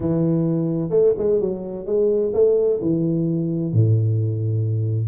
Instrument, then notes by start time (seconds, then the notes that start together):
tuba
0.00 E3
0.90 A3
1.17 G#3
1.40 F#3
1.86 G#3
2.33 A3
2.81 E3
3.73 A2